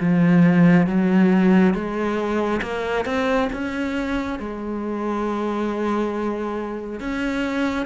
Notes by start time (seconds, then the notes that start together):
0.00 F3
0.87 F#3
1.74 G#3
2.62 A#3
3.05 C4
3.53 C#4
4.39 G#3
7.00 C#4